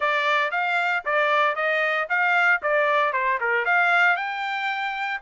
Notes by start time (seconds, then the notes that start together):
0.00 D5
0.51 F5
1.05 D5
1.55 D#5
2.09 F5
2.62 D5
3.12 C5
3.40 A#4
3.65 F5
4.16 G5